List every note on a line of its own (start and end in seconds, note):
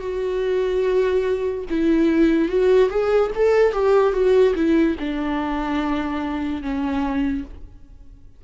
0.00 1.64 F#4
1.69 2.48 E4
2.48 2.89 F#4
2.89 3.30 G#4
3.35 3.72 A4
3.72 4.12 G4
4.12 4.54 F#4
4.55 4.96 E4
4.99 6.62 D4
6.62 7.44 C#4